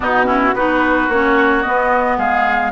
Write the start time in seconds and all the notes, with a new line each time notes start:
0.00 B2 B3 D#4 F#4
0.24 C#4 E4
0.53 B3 D#4 F#4 B4
1.09 A#3 C#4 C#5
1.62 B3 D#5
2.17 G#3 G#4 F5